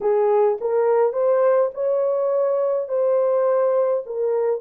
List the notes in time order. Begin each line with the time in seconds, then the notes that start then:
0.00 G#4
0.61 A#4
1.12 C5
1.74 C#5
2.88 C5
4.06 A#4